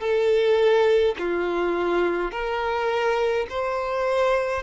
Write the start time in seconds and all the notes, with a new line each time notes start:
0.00 A4
1.19 F4
2.31 A#4
3.49 C5